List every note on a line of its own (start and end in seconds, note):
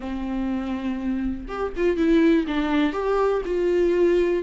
0.00 1.45 C4
1.48 1.72 G4
1.76 1.96 F4
1.96 2.45 E4
2.47 2.92 D4
2.92 3.42 G4
3.45 4.43 F4